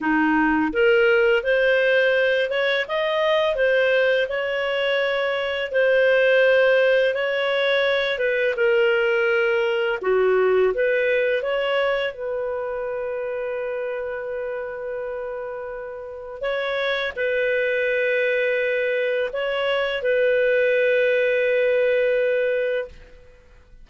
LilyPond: \new Staff \with { instrumentName = "clarinet" } { \time 4/4 \tempo 4 = 84 dis'4 ais'4 c''4. cis''8 | dis''4 c''4 cis''2 | c''2 cis''4. b'8 | ais'2 fis'4 b'4 |
cis''4 b'2.~ | b'2. cis''4 | b'2. cis''4 | b'1 | }